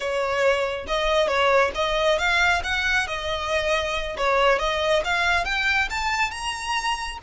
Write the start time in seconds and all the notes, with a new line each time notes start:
0.00 C#5
0.87 D#5
1.27 C#5
1.75 D#5
2.18 F5
2.63 F#5
3.07 D#5
4.17 C#5
4.58 D#5
5.04 F5
5.44 G5
5.90 A5
6.30 A#5